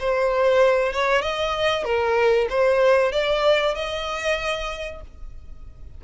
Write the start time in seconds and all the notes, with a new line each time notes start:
0.00 C5
0.93 C#5
1.22 D#5
1.85 A#4
2.50 C5
3.12 D5
3.75 D#5